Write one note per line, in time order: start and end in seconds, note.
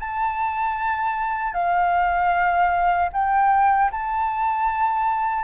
0.00 1.54 A5
1.54 3.10 F5
3.13 3.91 G5
3.92 5.45 A5